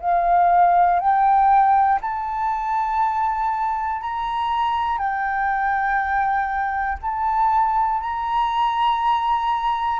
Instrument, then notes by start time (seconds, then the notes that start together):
flute
0.00 F5
1.00 G5
2.00 A5
4.00 A#5
4.98 G5
7.01 A5
8.00 A#5